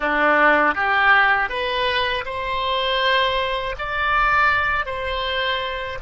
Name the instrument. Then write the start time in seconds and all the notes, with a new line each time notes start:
oboe
0.00 D4
0.74 G4
1.49 B4
2.25 C5
3.78 D5
4.85 C5